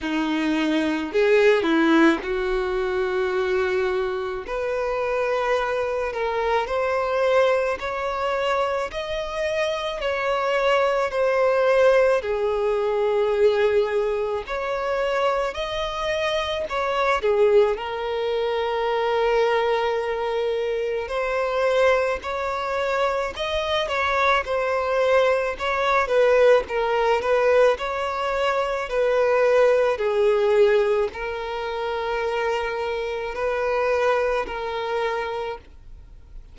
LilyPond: \new Staff \with { instrumentName = "violin" } { \time 4/4 \tempo 4 = 54 dis'4 gis'8 e'8 fis'2 | b'4. ais'8 c''4 cis''4 | dis''4 cis''4 c''4 gis'4~ | gis'4 cis''4 dis''4 cis''8 gis'8 |
ais'2. c''4 | cis''4 dis''8 cis''8 c''4 cis''8 b'8 | ais'8 b'8 cis''4 b'4 gis'4 | ais'2 b'4 ais'4 | }